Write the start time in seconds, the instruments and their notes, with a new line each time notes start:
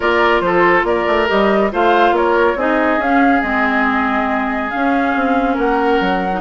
0.00 bassoon A#3, clarinet F4, oboe A#4, flute D5
0.40 bassoon F3, oboe A4, flute C5
0.83 bassoon A#3, oboe A#4, flute D5
1.07 bassoon A3
1.27 bassoon G3, clarinet G4, flute D#5
1.71 bassoon A3, clarinet F4, oboe C5, flute F5
2.11 bassoon A#3, oboe A#4, flute C#5
2.55 bassoon C4, clarinet D#4, oboe G#4, flute D#5
2.98 bassoon C#4, clarinet C#4, flute F5
3.42 bassoon G#3, clarinet C4, flute D#5
4.70 clarinet C#4, bassoon C#4, flute F5
5.15 bassoon C4
5.54 bassoon A#3, oboe A#4, flute F#5
6.00 bassoon F#3
6.32 clarinet D#4